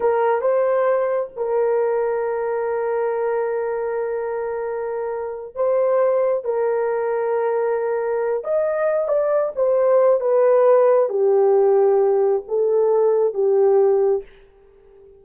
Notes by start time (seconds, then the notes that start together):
0.00 A#4
0.41 C5
1.36 A#4
5.55 C5
6.44 A#4
8.44 D#5
9.08 D5
9.55 C5
10.20 B4
11.09 G4
12.48 A4
13.33 G4